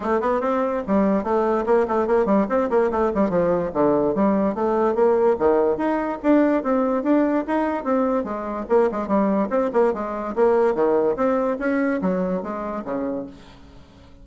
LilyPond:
\new Staff \with { instrumentName = "bassoon" } { \time 4/4 \tempo 4 = 145 a8 b8 c'4 g4 a4 | ais8 a8 ais8 g8 c'8 ais8 a8 g8 | f4 d4 g4 a4 | ais4 dis4 dis'4 d'4 |
c'4 d'4 dis'4 c'4 | gis4 ais8 gis8 g4 c'8 ais8 | gis4 ais4 dis4 c'4 | cis'4 fis4 gis4 cis4 | }